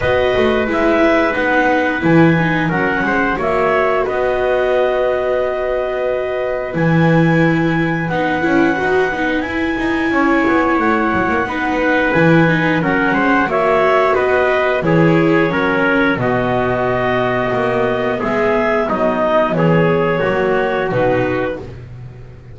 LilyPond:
<<
  \new Staff \with { instrumentName = "clarinet" } { \time 4/4 \tempo 4 = 89 dis''4 e''4 fis''4 gis''4 | fis''4 e''4 dis''2~ | dis''2 gis''2 | fis''2 gis''2 |
fis''2 gis''4 fis''4 | e''4 dis''4 cis''2 | dis''2. e''4 | dis''4 cis''2 b'4 | }
  \new Staff \with { instrumentName = "trumpet" } { \time 4/4 b'1 | ais'8 c''8 cis''4 b'2~ | b'1~ | b'2. cis''4~ |
cis''4 b'2 ais'8 c''8 | cis''4 b'4 gis'4 ais'4 | fis'2. gis'4 | dis'4 gis'4 fis'2 | }
  \new Staff \with { instrumentName = "viola" } { \time 4/4 fis'4 e'4 dis'4 e'8 dis'8 | cis'4 fis'2.~ | fis'2 e'2 | dis'8 e'8 fis'8 dis'8 e'2~ |
e'4 dis'4 e'8 dis'8 cis'4 | fis'2 e'4 cis'4 | b1~ | b2 ais4 dis'4 | }
  \new Staff \with { instrumentName = "double bass" } { \time 4/4 b8 a8 gis4 b4 e4 | fis8 gis8 ais4 b2~ | b2 e2 | b8 cis'8 dis'8 b8 e'8 dis'8 cis'8 b8 |
a8 fis16 ais16 b4 e4 fis8 gis8 | ais4 b4 e4 fis4 | b,2 ais4 gis4 | fis4 e4 fis4 b,4 | }
>>